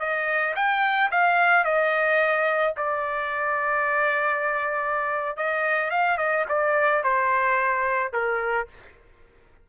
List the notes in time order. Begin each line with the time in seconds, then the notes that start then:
0.00 D#5
0.56 G5
1.11 F5
1.65 D#5
2.77 D5
5.37 D#5
5.91 F5
6.18 D#5
6.49 D5
7.04 C5
8.13 A#4